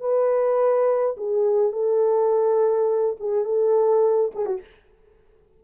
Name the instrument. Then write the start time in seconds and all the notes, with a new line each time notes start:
horn
0.00 B4
1.17 G#4
1.72 A4
3.20 G#4
3.45 A4
4.35 G#4
4.46 F#4